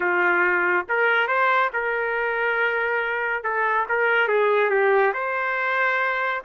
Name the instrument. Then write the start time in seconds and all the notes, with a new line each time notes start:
trumpet
0.00 F4
0.88 A#4
1.27 C5
1.73 A#4
3.43 A4
3.88 A#4
4.28 G#4
4.69 G4
5.13 C5